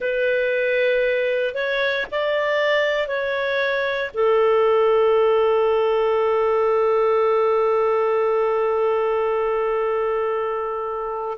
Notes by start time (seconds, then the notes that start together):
0.00 B4
1.54 C#5
2.11 D5
3.07 C#5
4.14 A4